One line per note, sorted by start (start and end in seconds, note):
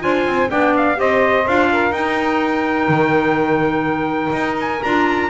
0.00 0.27 D4
0.00 0.48 F4
0.00 0.50 C5
0.00 0.50 G#5
0.27 0.51 C4
0.50 0.99 B3
0.50 0.96 D4
0.50 0.98 D5
0.50 0.75 G5
0.77 1.00 F5
0.96 1.47 C4
0.96 1.44 G4
0.96 1.71 C5
0.96 1.48 D#5
1.48 1.92 D4
1.48 1.92 F4
1.48 1.93 F5
1.72 5.30 A#4
1.92 2.88 D#4
1.92 4.80 D#4
1.92 4.57 G5
2.88 4.32 D#3
4.33 4.81 D#4
4.61 4.83 G#5
4.83 5.30 D4
4.83 5.30 F4
4.83 5.30 A#5